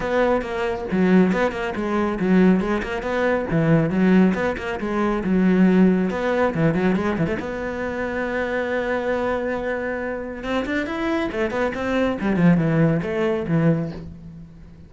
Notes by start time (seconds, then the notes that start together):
0.00 B3
0.41 A#3
0.91 F#3
1.32 B3
1.51 A#3
1.75 G#3
2.19 F#3
2.60 G#3
2.82 A#3
3.02 B3
3.50 E3
3.90 F#3
4.34 B3
4.57 A#3
4.79 G#3
5.24 F#3
6.10 B3
6.54 E3
6.74 F#3
6.95 G#3
7.18 E3
7.26 A3
7.39 B3
10.43 C4
10.65 D4
10.86 E4
11.32 A3
11.50 B3
11.74 C4
12.20 G3
12.36 F3
12.57 E3
13.02 A3
13.48 E3